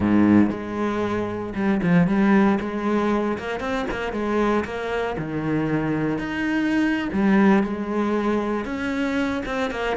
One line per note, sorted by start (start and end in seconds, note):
0.00 0.50 G#2
0.50 1.53 G#3
1.54 1.80 G3
1.82 2.07 F3
2.07 2.58 G3
2.60 3.38 G#3
3.38 3.59 A#3
3.59 3.85 C4
3.90 4.12 A#3
4.12 4.64 G#3
4.64 5.16 A#3
5.17 6.18 D#3
6.18 7.08 D#4
7.12 7.63 G3
7.63 8.65 G#3
8.65 9.42 C#4
9.45 9.71 C4
9.71 9.96 A#3